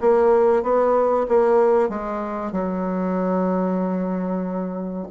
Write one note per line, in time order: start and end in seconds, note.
0.00 0.63 A#3
0.63 1.26 B3
1.28 1.89 A#3
1.89 2.52 G#3
2.52 5.07 F#3